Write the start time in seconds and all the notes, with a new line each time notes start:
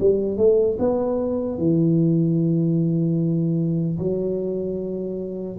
0.00 G3
0.37 A3
0.79 B3
1.58 E3
3.98 F#3